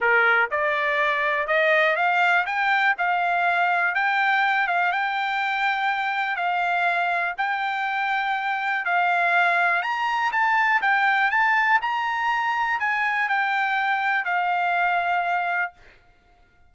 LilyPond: \new Staff \with { instrumentName = "trumpet" } { \time 4/4 \tempo 4 = 122 ais'4 d''2 dis''4 | f''4 g''4 f''2 | g''4. f''8 g''2~ | g''4 f''2 g''4~ |
g''2 f''2 | ais''4 a''4 g''4 a''4 | ais''2 gis''4 g''4~ | g''4 f''2. | }